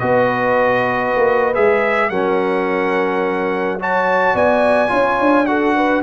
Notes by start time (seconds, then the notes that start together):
0.00 B3 F#4 B4 D#5
1.17 A#3
1.55 G#3 G#4 E5
2.10 F#3 C#4 A#4 F#5
3.80 F#4 C#5 A5
4.34 B3 D5 G#5
4.89 C#4 F4 C#5
5.20 D4
5.46 F#4 A4 F#5
5.76 B4